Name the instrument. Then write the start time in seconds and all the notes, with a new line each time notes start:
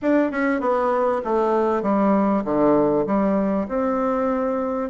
bassoon
0.01 D4
0.31 C#4
0.60 B3
1.24 A3
1.82 G3
2.44 D3
3.06 G3
3.68 C4